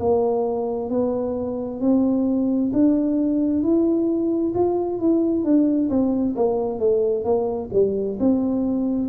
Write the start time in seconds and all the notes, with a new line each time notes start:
0.00 A#3
0.90 B3
1.81 C4
2.73 D4
3.64 E4
4.55 F4
5.00 E4
5.44 D4
5.90 C4
6.36 A#3
6.79 A3
7.25 A#3
7.74 G3
8.20 C4